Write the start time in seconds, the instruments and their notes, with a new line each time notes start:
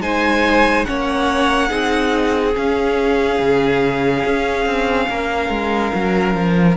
0.00 cello G#3, viola D#4, violin C5 G#5
0.85 cello A#3, viola C#4, violin C#5 F#5
1.68 cello C4, viola D#4, violin G#4
2.55 viola C#4, cello C#4, violin F5
3.39 cello C#3
4.25 cello C#4
4.65 cello C4
5.09 cello A#3, violin A#4
5.49 cello G#3
5.94 cello F#3
6.34 cello F3